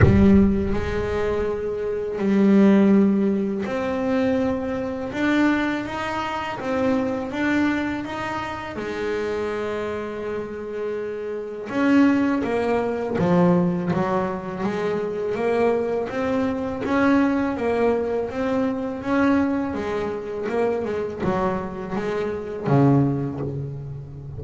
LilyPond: \new Staff \with { instrumentName = "double bass" } { \time 4/4 \tempo 4 = 82 g4 gis2 g4~ | g4 c'2 d'4 | dis'4 c'4 d'4 dis'4 | gis1 |
cis'4 ais4 f4 fis4 | gis4 ais4 c'4 cis'4 | ais4 c'4 cis'4 gis4 | ais8 gis8 fis4 gis4 cis4 | }